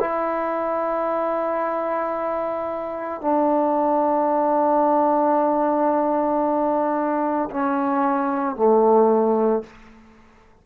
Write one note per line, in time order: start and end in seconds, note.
0.00 3.21 E4
3.21 7.50 D4
7.50 8.56 C#4
8.56 9.63 A3